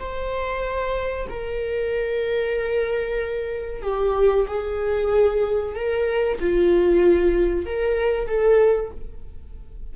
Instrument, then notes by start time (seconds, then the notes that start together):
viola
0.00 C5
1.30 A#4
3.83 G4
4.48 G#4
5.75 A#4
6.40 F4
7.67 A#4
8.27 A4